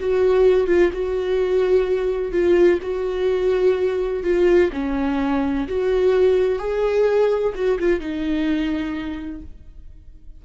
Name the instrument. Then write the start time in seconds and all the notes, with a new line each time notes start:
viola
0.00 F#4
0.67 F4
0.93 F#4
2.32 F4
2.82 F#4
4.23 F4
4.73 C#4
5.68 F#4
6.59 G#4
7.55 F#4
7.79 F4
8.00 D#4